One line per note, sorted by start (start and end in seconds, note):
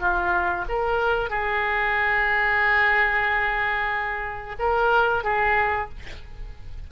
0.00 0.65 F4
0.69 1.30 A#4
1.30 4.56 G#4
4.59 5.24 A#4
5.24 5.90 G#4